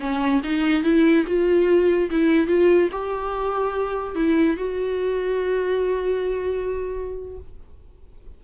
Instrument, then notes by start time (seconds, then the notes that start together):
viola
0.00 C#4
0.44 D#4
0.83 E4
1.26 F4
2.11 E4
2.47 F4
2.92 G4
4.15 E4
4.57 F#4